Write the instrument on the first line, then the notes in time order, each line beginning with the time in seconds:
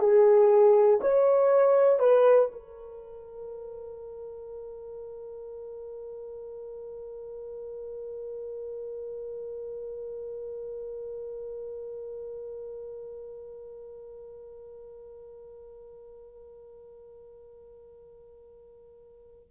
horn
0.00 G#4
1.00 C#5
1.99 B4
2.52 A#4